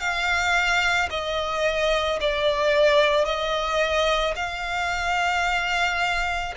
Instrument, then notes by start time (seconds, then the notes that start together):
violin
0.00 F5
1.10 D#5
2.21 D5
3.25 D#5
4.36 F5